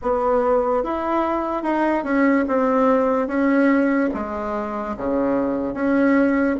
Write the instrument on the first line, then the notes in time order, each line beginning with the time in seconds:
bassoon
0.02 B3
0.83 E4
1.62 D#4
2.04 C#4
2.48 C4
3.27 C#4
4.14 G#3
4.97 C#3
5.73 C#4